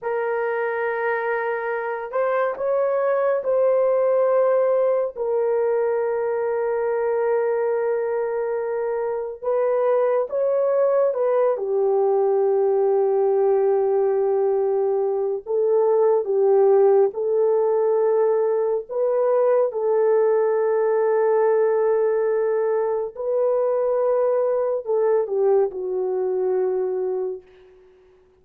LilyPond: \new Staff \with { instrumentName = "horn" } { \time 4/4 \tempo 4 = 70 ais'2~ ais'8 c''8 cis''4 | c''2 ais'2~ | ais'2. b'4 | cis''4 b'8 g'2~ g'8~ |
g'2 a'4 g'4 | a'2 b'4 a'4~ | a'2. b'4~ | b'4 a'8 g'8 fis'2 | }